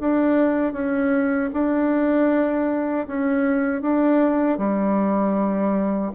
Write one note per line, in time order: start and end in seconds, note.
0.00 0.72 D4
0.72 1.49 C#4
1.53 3.07 D4
3.07 3.81 C#4
3.81 4.57 D4
4.57 6.11 G3